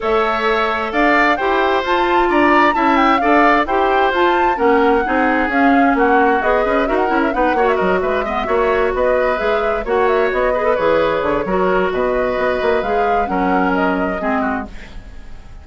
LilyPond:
<<
  \new Staff \with { instrumentName = "flute" } { \time 4/4 \tempo 4 = 131 e''2 f''4 g''4 | a''4 ais''4 a''8 g''8 f''4 | g''4 a''4 fis''2 | f''4 fis''4 dis''4 e''16 fis''8 e''16 |
fis''8. e''16 dis''8 e''2 dis''8~ | dis''8 e''4 fis''8 e''8 dis''4 cis''8~ | cis''2 dis''2 | f''4 fis''4 dis''2 | }
  \new Staff \with { instrumentName = "oboe" } { \time 4/4 cis''2 d''4 c''4~ | c''4 d''4 e''4 d''4 | c''2 ais'4 gis'4~ | gis'4 fis'4. b'8 ais'4 |
b'8 cis''8 ais'8 b'8 dis''8 cis''4 b'8~ | b'4. cis''4. b'4~ | b'4 ais'4 b'2~ | b'4 ais'2 gis'8 fis'8 | }
  \new Staff \with { instrumentName = "clarinet" } { \time 4/4 a'2. g'4 | f'2 e'4 a'4 | g'4 f'4 cis'4 dis'4 | cis'2 gis'4 fis'8 e'8 |
dis'8 fis'4. b8 fis'4.~ | fis'8 gis'4 fis'4. gis'16 a'16 gis'8~ | gis'4 fis'2. | gis'4 cis'2 c'4 | }
  \new Staff \with { instrumentName = "bassoon" } { \time 4/4 a2 d'4 e'4 | f'4 d'4 cis'4 d'4 | e'4 f'4 ais4 c'4 | cis'4 ais4 b8 cis'8 dis'8 cis'8 |
b8 ais8 fis8 gis4 ais4 b8~ | b8 gis4 ais4 b4 e8~ | e8 d8 fis4 b,4 b8 ais8 | gis4 fis2 gis4 | }
>>